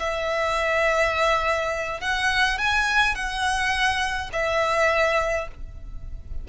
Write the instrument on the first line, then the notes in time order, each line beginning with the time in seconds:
violin
0.00 E5
2.01 F#5
2.59 G#5
3.15 F#5
4.33 E5